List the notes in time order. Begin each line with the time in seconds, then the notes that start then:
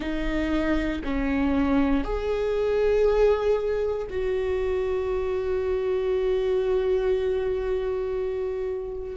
0.00 D#4
1.04 C#4
2.03 G#4
4.10 F#4